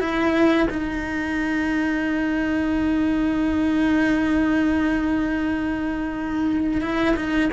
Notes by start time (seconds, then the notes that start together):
0.00 E4
0.70 D#4
6.82 E4
7.16 D#4